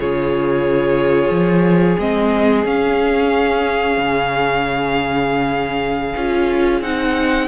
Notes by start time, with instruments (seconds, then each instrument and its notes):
0.00 cello C#3, viola F4, violin G#4 C#5
1.30 cello F3
1.99 cello G#3, viola C4, violin D#5
2.65 viola C#4, cello C#4, violin F5
3.97 cello C#3
6.16 cello C#4, viola F4
6.81 cello C4, viola D#4, violin F#5